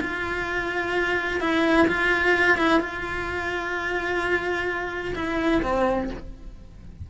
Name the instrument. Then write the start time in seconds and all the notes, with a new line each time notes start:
cello
0.00 F4
1.40 E4
1.87 F4
2.57 E4
2.80 F4
5.15 E4
5.62 C4